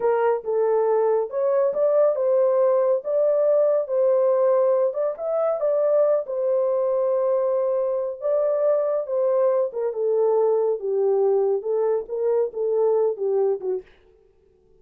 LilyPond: \new Staff \with { instrumentName = "horn" } { \time 4/4 \tempo 4 = 139 ais'4 a'2 cis''4 | d''4 c''2 d''4~ | d''4 c''2~ c''8 d''8 | e''4 d''4. c''4.~ |
c''2. d''4~ | d''4 c''4. ais'8 a'4~ | a'4 g'2 a'4 | ais'4 a'4. g'4 fis'8 | }